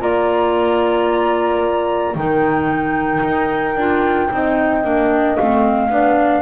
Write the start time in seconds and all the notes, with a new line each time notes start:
0.00 A#3 F4 D5 A#5
2.15 D#3 D#4 A#4 G5
3.23 D#4
3.75 D4 F4
4.30 C4 D#4 D#5
4.83 A#3 D4
5.37 A3 C4 F5
5.90 B3 D4 D5